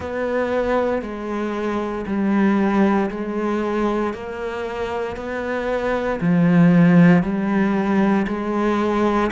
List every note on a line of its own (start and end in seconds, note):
0.00 1.02 B3
1.02 2.05 G#3
2.06 3.10 G3
3.10 4.13 G#3
4.13 5.16 A#3
5.16 6.19 B3
6.21 7.22 F3
7.22 8.26 G3
8.27 9.31 G#3